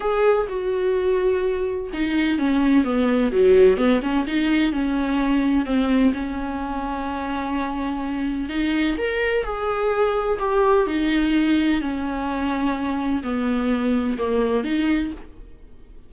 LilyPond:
\new Staff \with { instrumentName = "viola" } { \time 4/4 \tempo 4 = 127 gis'4 fis'2. | dis'4 cis'4 b4 fis4 | b8 cis'8 dis'4 cis'2 | c'4 cis'2.~ |
cis'2 dis'4 ais'4 | gis'2 g'4 dis'4~ | dis'4 cis'2. | b2 ais4 dis'4 | }